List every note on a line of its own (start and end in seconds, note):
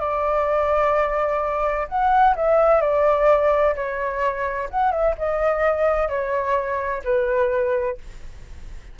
0.00 1.87 D5
1.88 2.35 F#5
2.36 2.81 E5
2.81 3.75 D5
3.75 4.69 C#5
4.70 4.92 F#5
4.92 5.15 E5
5.18 6.09 D#5
6.09 7.03 C#5
7.04 7.98 B4